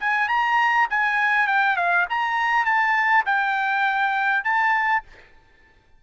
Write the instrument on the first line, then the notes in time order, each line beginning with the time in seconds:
trumpet
0.00 G#5
0.28 A#5
0.90 G#5
1.47 G5
1.76 F5
2.09 A#5
2.65 A5
3.26 G5
4.44 A5